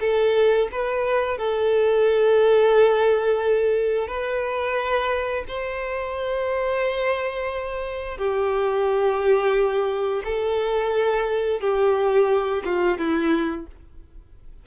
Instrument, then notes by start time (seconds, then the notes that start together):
violin
0.00 A4
0.71 B4
1.38 A4
4.07 B4
5.48 C5
8.18 G4
10.24 A4
11.60 G4
12.64 F4
12.98 E4